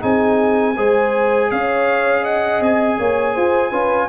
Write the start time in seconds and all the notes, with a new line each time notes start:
0.00 C4 D#4 G#4 G#5
0.76 G#3 G#4 C5
1.51 C#4 C#5 F5
2.23 D#5 F#5
2.61 C4 G#5
2.98 A#3 C#5
3.34 F4 C5
3.70 C#4 F4 B4